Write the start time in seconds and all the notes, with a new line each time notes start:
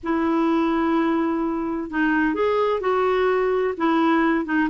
0.03 E4
1.90 D#4
2.34 G#4
2.80 F#4
3.77 E4
4.45 D#4